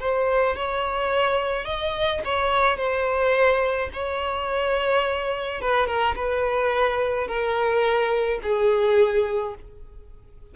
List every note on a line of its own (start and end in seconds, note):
0.00 0.56 C5
0.56 1.65 C#5
1.65 2.21 D#5
2.25 2.77 C#5
2.77 3.89 C5
3.93 5.61 C#5
5.61 5.87 B4
5.87 6.15 A#4
6.16 7.27 B4
7.27 8.40 A#4
8.43 9.55 G#4